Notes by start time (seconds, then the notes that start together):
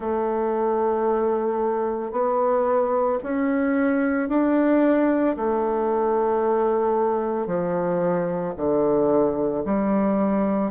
0.00 A3
2.11 B3
3.23 C#4
4.29 D4
5.36 A3
7.46 F3
8.56 D3
9.65 G3